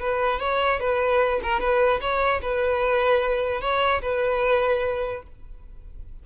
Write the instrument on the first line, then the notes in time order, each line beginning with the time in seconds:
violin
0.00 B4
0.40 C#5
0.80 B4
1.43 A#4
1.60 B4
2.01 C#5
2.42 B4
3.61 C#5
4.02 B4